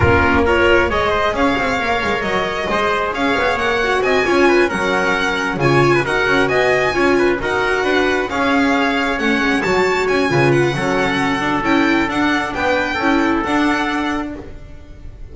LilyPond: <<
  \new Staff \with { instrumentName = "violin" } { \time 4/4 \tempo 4 = 134 ais'4 cis''4 dis''4 f''4~ | f''4 dis''2 f''4 | fis''4 gis''4. fis''4.~ | fis''8 gis''4 fis''4 gis''4.~ |
gis''8 fis''2 f''4.~ | f''8 fis''4 a''4 gis''4 fis''8~ | fis''2 g''4 fis''4 | g''2 fis''2 | }
  \new Staff \with { instrumentName = "trumpet" } { \time 4/4 f'4 ais'4 cis''8 c''8 cis''4~ | cis''2 c''4 cis''4~ | cis''4 dis''8 cis''8 b'8 ais'4.~ | ais'8 cis''8. b'16 ais'4 dis''4 cis''8 |
b'8 ais'4 b'4 cis''4.~ | cis''2. b'4 | a'1 | b'4 a'2. | }
  \new Staff \with { instrumentName = "viola" } { \time 4/4 cis'4 f'4 gis'2 | ais'2 gis'2~ | gis'8 fis'4 f'4 cis'4.~ | cis'8 f'4 fis'2 f'8~ |
f'8 fis'2 gis'4.~ | gis'8 cis'4 fis'4. f'4 | cis'4. d'8 e'4 d'4~ | d'4 e'4 d'2 | }
  \new Staff \with { instrumentName = "double bass" } { \time 4/4 ais2 gis4 cis'8 c'8 | ais8 gis8 fis4 gis4 cis'8 b8 | ais4 c'8 cis'4 fis4.~ | fis8 cis4 dis'8 cis'8 b4 cis'8~ |
cis'8 dis'4 d'4 cis'4.~ | cis'8 a8 gis8 fis4 cis'8 cis4 | fis2 cis'4 d'4 | b4 cis'4 d'2 | }
>>